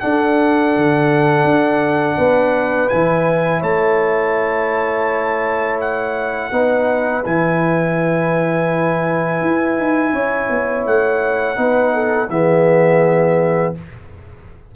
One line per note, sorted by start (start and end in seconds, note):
0.00 2.90 D4
0.00 0.76 D4
0.00 2.17 A4
0.00 2.89 F#5
0.76 1.44 D3
1.44 2.16 D4
2.17 2.90 B3
2.17 3.61 B4
2.89 3.62 E3
2.89 6.52 E4
2.89 3.61 G#5
3.61 6.52 A3
3.61 6.50 C#5
3.61 5.80 A5
5.81 7.25 F#5
6.52 7.24 B3
6.52 7.24 D#4
6.52 10.13 B4
7.25 9.42 E3
7.25 11.56 E4
7.25 10.87 G#5
9.42 9.77 E4
9.77 10.13 D#4
10.13 10.49 C#4
10.13 11.58 C#5
10.50 10.86 B3
10.86 11.58 A3
10.86 12.30 F#5
11.56 12.29 B3
11.56 12.28 D#4
11.56 11.94 B4
11.94 12.30 A4
12.29 13.74 E3
12.29 13.75 B3
12.29 13.75 G#4
12.29 13.74 E5